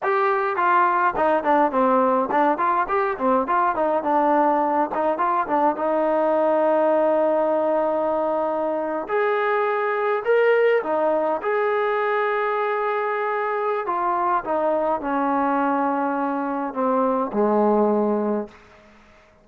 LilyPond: \new Staff \with { instrumentName = "trombone" } { \time 4/4 \tempo 4 = 104 g'4 f'4 dis'8 d'8 c'4 | d'8 f'8 g'8 c'8 f'8 dis'8 d'4~ | d'8 dis'8 f'8 d'8 dis'2~ | dis'2.~ dis'8. gis'16~ |
gis'4.~ gis'16 ais'4 dis'4 gis'16~ | gis'1 | f'4 dis'4 cis'2~ | cis'4 c'4 gis2 | }